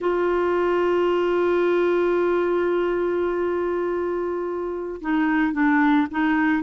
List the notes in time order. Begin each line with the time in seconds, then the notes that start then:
0.00 F4
5.01 D#4
5.53 D4
6.11 D#4